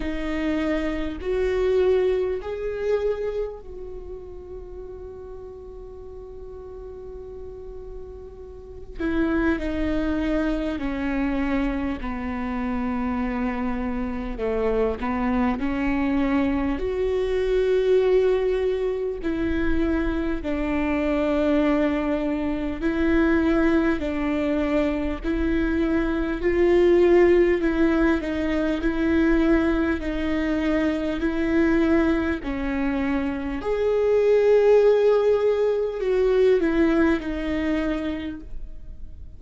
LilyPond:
\new Staff \with { instrumentName = "viola" } { \time 4/4 \tempo 4 = 50 dis'4 fis'4 gis'4 fis'4~ | fis'2.~ fis'8 e'8 | dis'4 cis'4 b2 | a8 b8 cis'4 fis'2 |
e'4 d'2 e'4 | d'4 e'4 f'4 e'8 dis'8 | e'4 dis'4 e'4 cis'4 | gis'2 fis'8 e'8 dis'4 | }